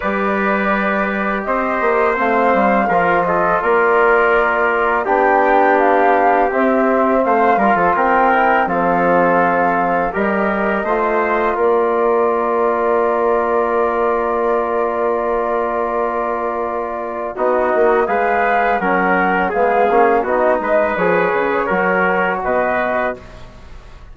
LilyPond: <<
  \new Staff \with { instrumentName = "flute" } { \time 4/4 \tempo 4 = 83 d''2 dis''4 f''4~ | f''8 dis''8 d''2 g''4 | f''4 e''4 f''4 g''4 | f''2 dis''2 |
d''1~ | d''1 | dis''4 f''4 fis''4 f''4 | dis''4 cis''2 dis''4 | }
  \new Staff \with { instrumentName = "trumpet" } { \time 4/4 b'2 c''2 | ais'8 a'8 ais'2 g'4~ | g'2 c''8 ais'16 a'16 ais'4 | a'2 ais'4 c''4 |
ais'1~ | ais'1 | fis'4 b'4 ais'4 gis'4 | fis'8 b'4. ais'4 b'4 | }
  \new Staff \with { instrumentName = "trombone" } { \time 4/4 g'2. c'4 | f'2. d'4~ | d'4 c'4. f'4 e'8 | c'2 g'4 f'4~ |
f'1~ | f'1 | dis'4 gis'4 cis'4 b8 cis'8 | dis'4 gis'4 fis'2 | }
  \new Staff \with { instrumentName = "bassoon" } { \time 4/4 g2 c'8 ais8 a8 g8 | f4 ais2 b4~ | b4 c'4 a8 g16 f16 c'4 | f2 g4 a4 |
ais1~ | ais1 | b8 ais8 gis4 fis4 gis8 ais8 | b8 gis8 f8 cis8 fis4 b,4 | }
>>